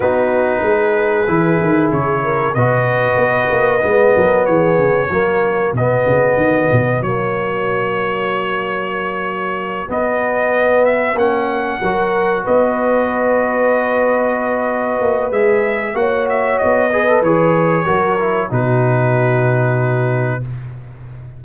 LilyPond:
<<
  \new Staff \with { instrumentName = "trumpet" } { \time 4/4 \tempo 4 = 94 b'2. cis''4 | dis''2. cis''4~ | cis''4 dis''2 cis''4~ | cis''2.~ cis''8 dis''8~ |
dis''4 e''8 fis''2 dis''8~ | dis''1 | e''4 fis''8 e''8 dis''4 cis''4~ | cis''4 b'2. | }
  \new Staff \with { instrumentName = "horn" } { \time 4/4 fis'4 gis'2~ gis'8 ais'8 | b'2~ b'8 ais'8 gis'4 | fis'1~ | fis'1~ |
fis'2~ fis'8 ais'4 b'8~ | b'1~ | b'4 cis''4. b'4. | ais'4 fis'2. | }
  \new Staff \with { instrumentName = "trombone" } { \time 4/4 dis'2 e'2 | fis'2 b2 | ais4 b2 ais4~ | ais2.~ ais8 b8~ |
b4. cis'4 fis'4.~ | fis'1 | gis'4 fis'4. gis'16 a'16 gis'4 | fis'8 e'8 dis'2. | }
  \new Staff \with { instrumentName = "tuba" } { \time 4/4 b4 gis4 e8 dis8 cis4 | b,4 b8 ais8 gis8 fis8 e8 cis8 | fis4 b,8 cis8 dis8 b,8 fis4~ | fis2.~ fis8 b8~ |
b4. ais4 fis4 b8~ | b2.~ b8 ais8 | gis4 ais4 b4 e4 | fis4 b,2. | }
>>